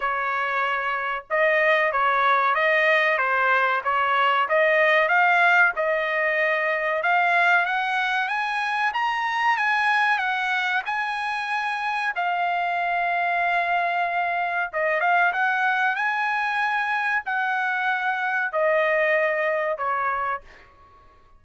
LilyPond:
\new Staff \with { instrumentName = "trumpet" } { \time 4/4 \tempo 4 = 94 cis''2 dis''4 cis''4 | dis''4 c''4 cis''4 dis''4 | f''4 dis''2 f''4 | fis''4 gis''4 ais''4 gis''4 |
fis''4 gis''2 f''4~ | f''2. dis''8 f''8 | fis''4 gis''2 fis''4~ | fis''4 dis''2 cis''4 | }